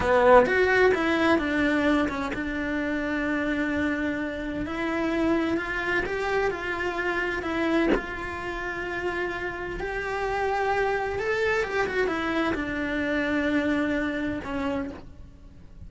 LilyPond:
\new Staff \with { instrumentName = "cello" } { \time 4/4 \tempo 4 = 129 b4 fis'4 e'4 d'4~ | d'8 cis'8 d'2.~ | d'2 e'2 | f'4 g'4 f'2 |
e'4 f'2.~ | f'4 g'2. | a'4 g'8 fis'8 e'4 d'4~ | d'2. cis'4 | }